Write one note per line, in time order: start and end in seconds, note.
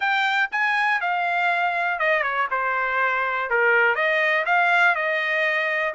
0.00 0.50 G5
0.51 1.01 G#5
1.01 1.99 F5
1.99 2.22 D#5
2.22 2.47 C#5
2.50 3.50 C5
3.50 3.95 A#4
3.95 4.44 D#5
4.45 4.95 F5
4.95 5.94 D#5